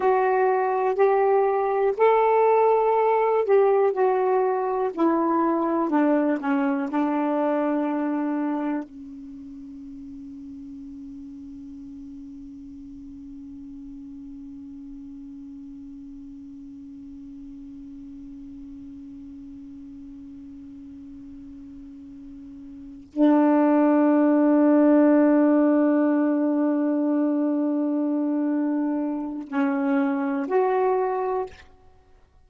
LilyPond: \new Staff \with { instrumentName = "saxophone" } { \time 4/4 \tempo 4 = 61 fis'4 g'4 a'4. g'8 | fis'4 e'4 d'8 cis'8 d'4~ | d'4 cis'2.~ | cis'1~ |
cis'1~ | cis'2.~ cis'8 d'8~ | d'1~ | d'2 cis'4 fis'4 | }